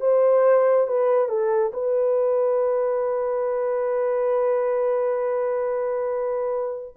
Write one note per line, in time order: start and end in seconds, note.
0.00 0.87 C5
0.87 1.28 B4
1.28 1.72 A4
1.73 6.94 B4